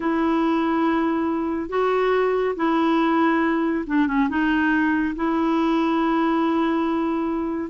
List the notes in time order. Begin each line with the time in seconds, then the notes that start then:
0.00 E4
1.69 F#4
2.56 E4
3.86 D4
4.07 C#4
4.29 D#4
5.15 E4